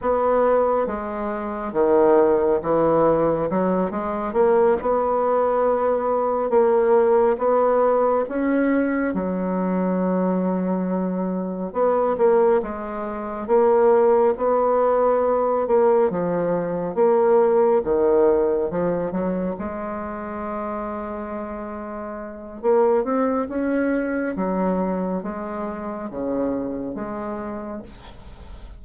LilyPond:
\new Staff \with { instrumentName = "bassoon" } { \time 4/4 \tempo 4 = 69 b4 gis4 dis4 e4 | fis8 gis8 ais8 b2 ais8~ | ais8 b4 cis'4 fis4.~ | fis4. b8 ais8 gis4 ais8~ |
ais8 b4. ais8 f4 ais8~ | ais8 dis4 f8 fis8 gis4.~ | gis2 ais8 c'8 cis'4 | fis4 gis4 cis4 gis4 | }